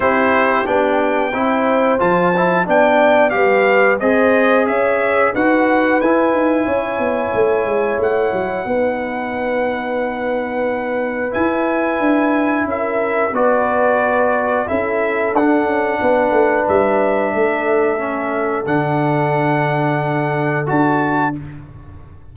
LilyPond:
<<
  \new Staff \with { instrumentName = "trumpet" } { \time 4/4 \tempo 4 = 90 c''4 g''2 a''4 | g''4 f''4 dis''4 e''4 | fis''4 gis''2. | fis''1~ |
fis''4 gis''2 e''4 | d''2 e''4 fis''4~ | fis''4 e''2. | fis''2. a''4 | }
  \new Staff \with { instrumentName = "horn" } { \time 4/4 g'2 c''2 | d''4 b'4 c''4 cis''4 | b'2 cis''2~ | cis''4 b'2.~ |
b'2. ais'4 | b'2 a'2 | b'2 a'2~ | a'1 | }
  \new Staff \with { instrumentName = "trombone" } { \time 4/4 e'4 d'4 e'4 f'8 e'8 | d'4 g'4 gis'2 | fis'4 e'2.~ | e'4 dis'2.~ |
dis'4 e'2. | fis'2 e'4 d'4~ | d'2. cis'4 | d'2. fis'4 | }
  \new Staff \with { instrumentName = "tuba" } { \time 4/4 c'4 b4 c'4 f4 | b4 g4 c'4 cis'4 | dis'4 e'8 dis'8 cis'8 b8 a8 gis8 | a8 fis8 b2.~ |
b4 e'4 d'4 cis'4 | b2 cis'4 d'8 cis'8 | b8 a8 g4 a2 | d2. d'4 | }
>>